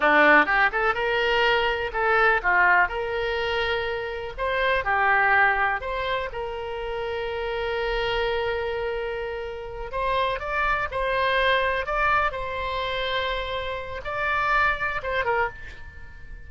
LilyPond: \new Staff \with { instrumentName = "oboe" } { \time 4/4 \tempo 4 = 124 d'4 g'8 a'8 ais'2 | a'4 f'4 ais'2~ | ais'4 c''4 g'2 | c''4 ais'2.~ |
ais'1~ | ais'8 c''4 d''4 c''4.~ | c''8 d''4 c''2~ c''8~ | c''4 d''2 c''8 ais'8 | }